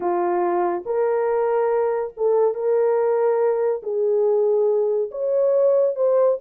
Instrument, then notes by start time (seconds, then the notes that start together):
horn
0.00 F4
0.85 A#4
2.16 A4
2.54 A#4
3.83 G#4
5.11 C#5
5.95 C5